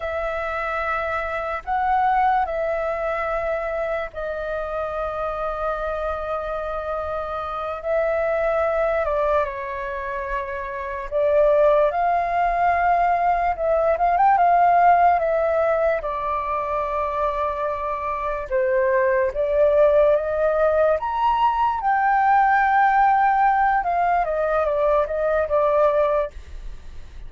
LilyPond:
\new Staff \with { instrumentName = "flute" } { \time 4/4 \tempo 4 = 73 e''2 fis''4 e''4~ | e''4 dis''2.~ | dis''4. e''4. d''8 cis''8~ | cis''4. d''4 f''4.~ |
f''8 e''8 f''16 g''16 f''4 e''4 d''8~ | d''2~ d''8 c''4 d''8~ | d''8 dis''4 ais''4 g''4.~ | g''4 f''8 dis''8 d''8 dis''8 d''4 | }